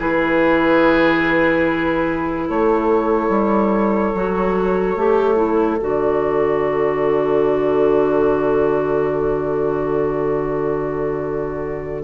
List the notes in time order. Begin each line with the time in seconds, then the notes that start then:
0.00 E3 E4 G#4 B4
2.48 A3 A4 C#5
3.30 G3
4.15 F#3 F#4
4.97 A3 G4
5.36 E4
5.81 D3 F#4 D5